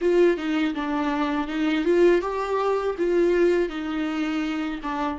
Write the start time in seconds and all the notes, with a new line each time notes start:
0.01 F4
0.37 D#4
0.74 D4
1.47 D#4
1.85 F4
2.21 G4
2.98 F4
3.69 D#4
4.82 D4